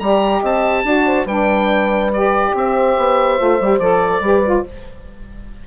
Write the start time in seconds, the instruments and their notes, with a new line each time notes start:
0.00 bassoon G3, saxophone G4, horn D5, oboe A#5
0.40 bassoon C4, horn D#5, oboe A5
0.84 bassoon D4, saxophone F#4, horn D5
1.07 horn C5
1.26 bassoon G3, saxophone D4, horn B4, oboe G5
2.14 saxophone G4, oboe D5
2.54 bassoon C4, horn C5, oboe E5
2.98 bassoon B3
3.38 bassoon A3, saxophone F4
3.60 bassoon G3, saxophone G4
3.79 bassoon F3, saxophone A4, oboe D5
4.21 bassoon G3, saxophone G4, horn B4
4.46 saxophone F4